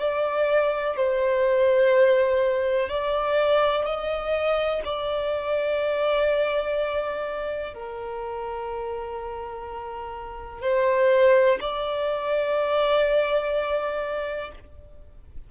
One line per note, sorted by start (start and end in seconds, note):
0.00 0.97 D5
0.97 2.89 C5
2.89 3.85 D5
3.85 4.82 D#5
4.85 7.74 D5
7.74 10.62 A#4
10.62 11.59 C5
11.61 14.51 D5